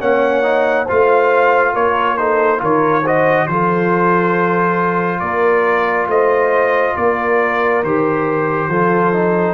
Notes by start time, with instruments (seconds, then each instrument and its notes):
0.00 tuba A#3, trombone C#4, horn C#5, trumpet F#5
0.43 trombone D#4
0.85 tuba A3, trombone F4, horn C5, trumpet F5
1.74 tuba A#3, horn A#4, trumpet C#5
2.17 trombone D#4, horn A4, trumpet C5
2.58 tuba D#3, trombone F4, horn A#4, trumpet C#5
3.02 trombone F#4, horn C5, trumpet D#5
3.47 tuba F3, trombone F4, horn A4, trumpet C5
5.20 tuba A#3, horn A#4, trumpet D5
6.07 tuba A3, horn C5, trumpet D#5
6.96 tuba A#3, horn A#4, trumpet D5
7.83 tuba D#3, trombone G4, trumpet C5
8.68 tuba F3, trombone F4, horn A4
9.13 trombone D#4